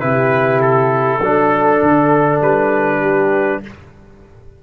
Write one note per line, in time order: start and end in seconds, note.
0.00 1.21 C3
0.00 1.20 E4
0.00 1.20 G4
0.00 0.60 B4
0.61 2.41 A4
1.20 1.80 F#3
1.20 3.63 D4
1.20 3.00 A4
1.82 2.41 D3
2.41 3.61 G3
2.41 3.62 B4
3.01 3.61 G4